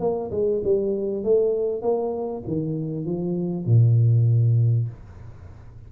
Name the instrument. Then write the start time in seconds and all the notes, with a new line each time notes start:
tuba
0.00 A#3
0.31 G#3
0.64 G3
1.24 A3
1.82 A#3
2.47 D#3
3.06 F3
3.66 A#2